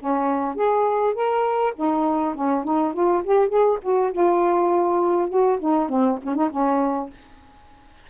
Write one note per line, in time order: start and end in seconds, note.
0.00 0.55 C#4
0.55 1.14 G#4
1.14 1.74 A#4
1.76 2.35 D#4
2.35 2.65 C#4
2.65 2.94 D#4
2.94 3.24 F4
3.24 3.49 G4
3.49 3.79 G#4
3.83 4.12 F#4
4.12 5.30 F4
5.30 5.59 F#4
5.60 5.89 D#4
5.89 6.19 C4
6.23 6.36 C#4
6.36 6.50 D#4
6.51 7.10 C#4